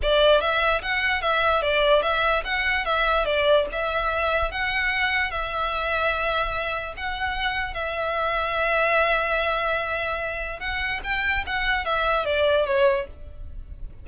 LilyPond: \new Staff \with { instrumentName = "violin" } { \time 4/4 \tempo 4 = 147 d''4 e''4 fis''4 e''4 | d''4 e''4 fis''4 e''4 | d''4 e''2 fis''4~ | fis''4 e''2.~ |
e''4 fis''2 e''4~ | e''1~ | e''2 fis''4 g''4 | fis''4 e''4 d''4 cis''4 | }